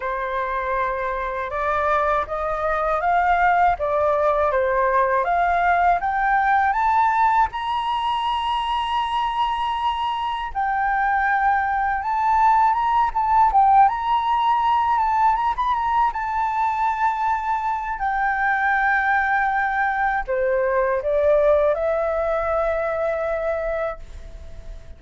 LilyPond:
\new Staff \with { instrumentName = "flute" } { \time 4/4 \tempo 4 = 80 c''2 d''4 dis''4 | f''4 d''4 c''4 f''4 | g''4 a''4 ais''2~ | ais''2 g''2 |
a''4 ais''8 a''8 g''8 ais''4. | a''8 ais''16 b''16 ais''8 a''2~ a''8 | g''2. c''4 | d''4 e''2. | }